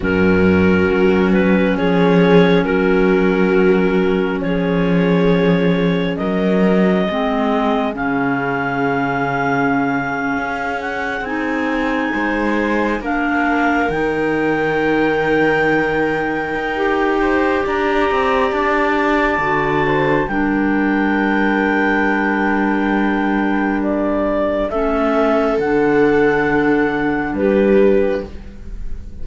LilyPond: <<
  \new Staff \with { instrumentName = "clarinet" } { \time 4/4 \tempo 4 = 68 ais'4. b'8 cis''4 ais'4~ | ais'4 cis''2 dis''4~ | dis''4 f''2.~ | f''16 fis''8 gis''2 f''4 g''16~ |
g''1 | ais''4 a''2 g''4~ | g''2. d''4 | e''4 fis''2 b'4 | }
  \new Staff \with { instrumentName = "viola" } { \time 4/4 fis'2 gis'4 fis'4~ | fis'4 gis'2 ais'4 | gis'1~ | gis'4.~ gis'16 c''4 ais'4~ ais'16~ |
ais'2.~ ais'8 c''8 | d''2~ d''8 c''8 ais'4~ | ais'1 | a'2. g'4 | }
  \new Staff \with { instrumentName = "clarinet" } { \time 4/4 cis'1~ | cis'1 | c'4 cis'2.~ | cis'8. dis'2 d'4 dis'16~ |
dis'2. g'4~ | g'2 fis'4 d'4~ | d'1 | cis'4 d'2. | }
  \new Staff \with { instrumentName = "cello" } { \time 4/4 fis,4 fis4 f4 fis4~ | fis4 f2 fis4 | gis4 cis2~ cis8. cis'16~ | cis'8. c'4 gis4 ais4 dis16~ |
dis2~ dis8. dis'4~ dis'16 | d'8 c'8 d'4 d4 g4~ | g1 | a4 d2 g4 | }
>>